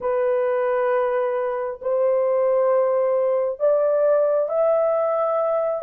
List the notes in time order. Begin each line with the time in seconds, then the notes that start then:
0.00 B4
1.82 C5
3.59 D5
4.49 E5